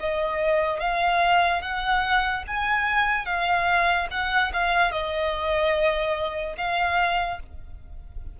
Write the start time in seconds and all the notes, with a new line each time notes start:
0.00 D#5
0.80 F5
1.61 F#5
2.47 G#5
3.25 F5
4.11 F#5
4.53 F5
4.92 D#5
6.58 F5